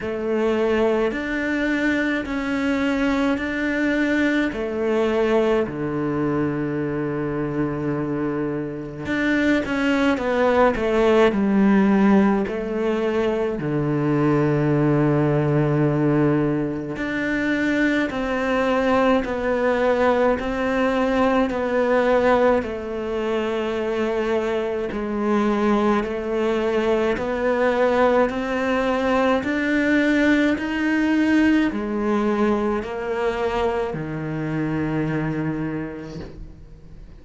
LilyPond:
\new Staff \with { instrumentName = "cello" } { \time 4/4 \tempo 4 = 53 a4 d'4 cis'4 d'4 | a4 d2. | d'8 cis'8 b8 a8 g4 a4 | d2. d'4 |
c'4 b4 c'4 b4 | a2 gis4 a4 | b4 c'4 d'4 dis'4 | gis4 ais4 dis2 | }